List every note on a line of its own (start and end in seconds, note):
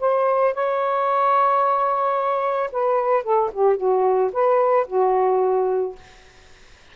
0.00 0.54 C5
0.54 2.70 C#5
2.72 3.23 B4
3.23 3.50 A4
3.53 3.77 G4
3.77 4.31 F#4
4.33 4.87 B4
4.87 5.96 F#4